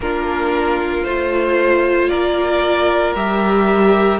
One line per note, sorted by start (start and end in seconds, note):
0.00 1.04 A#3
0.00 1.05 D4
0.00 2.09 F4
0.00 1.04 A#4
1.04 2.09 A3
1.04 3.15 F4
1.04 2.08 C5
2.08 3.15 A#3
2.08 4.19 A#4
2.08 3.13 D5
3.15 4.19 G3
3.15 4.19 G4
3.15 4.19 E5